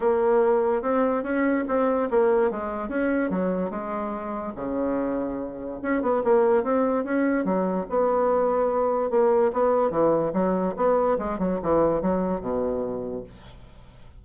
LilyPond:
\new Staff \with { instrumentName = "bassoon" } { \time 4/4 \tempo 4 = 145 ais2 c'4 cis'4 | c'4 ais4 gis4 cis'4 | fis4 gis2 cis4~ | cis2 cis'8 b8 ais4 |
c'4 cis'4 fis4 b4~ | b2 ais4 b4 | e4 fis4 b4 gis8 fis8 | e4 fis4 b,2 | }